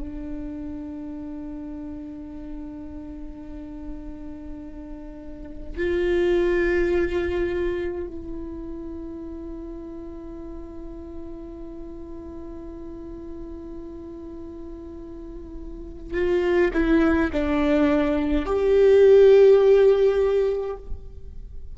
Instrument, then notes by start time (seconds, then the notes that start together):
viola
0.00 D4
5.77 F4
8.08 E4
16.14 F4
16.73 E4
17.33 D4
18.46 G4